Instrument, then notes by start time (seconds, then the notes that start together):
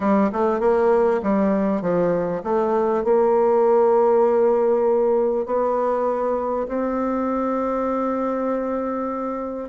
bassoon
0.00 G3
0.32 A3
0.60 A#3
1.22 G3
1.81 F3
2.43 A3
3.04 A#3
5.45 B3
6.67 C4